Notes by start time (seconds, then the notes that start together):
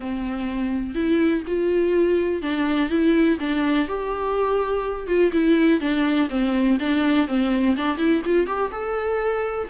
0.00 C4
0.94 E4
1.47 F4
2.42 D4
2.89 E4
3.40 D4
3.88 G4
5.07 F4
5.32 E4
5.80 D4
6.29 C4
6.79 D4
7.27 C4
7.76 D4
7.97 E4
8.25 F4
8.46 G4
8.71 A4